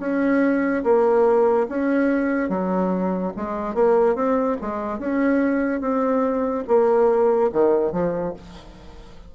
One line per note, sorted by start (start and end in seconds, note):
0.00 0.83 C#4
0.84 1.67 A#3
1.69 2.50 C#4
2.50 3.33 F#3
3.37 3.75 G#3
3.75 4.15 A#3
4.15 4.57 C4
4.61 4.99 G#3
4.99 5.81 C#4
5.81 6.64 C4
6.68 7.51 A#3
7.53 7.92 D#3
7.92 8.34 F3